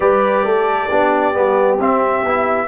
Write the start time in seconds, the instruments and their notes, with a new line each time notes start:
0.00 tuba G3, trombone G4, horn B4, trumpet D5
0.44 tuba A3, horn A4
0.88 tuba B3, trombone D4, horn G4
1.34 tuba G3, trombone B3
1.79 tuba C4, trombone C4, trumpet E5
2.23 tuba B3, trombone E4